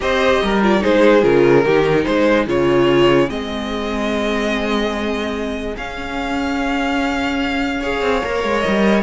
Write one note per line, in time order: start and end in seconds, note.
0.00 0.41 C4
0.00 0.61 G4
0.00 0.42 C5
0.00 0.62 D#5
0.42 0.83 G3
0.42 0.82 A#4
0.62 0.80 F4
0.62 0.83 D5
0.80 1.23 G#3
0.80 1.21 D#4
0.80 1.64 G#4
0.80 1.23 C5
1.21 1.64 C#3
1.21 1.62 F4
1.21 2.04 A#4
1.64 2.05 D#3
1.64 2.47 D#4
1.64 2.05 G4
2.04 2.47 G#3
2.04 7.80 G#4
2.04 2.45 C5
2.47 3.29 C#3
2.47 3.28 F4
2.47 3.29 C#5
3.28 5.76 G#3
3.28 5.74 C4
3.28 5.76 D#5
5.76 8.01 C#4
5.76 7.82 C#4
5.76 8.60 F5
7.80 8.23 G#4
7.80 9.02 C#5
8.01 8.22 C4
8.23 8.43 A#3
8.23 9.02 A#4
8.43 8.64 G#3
8.60 9.01 D#5
8.67 9.02 G3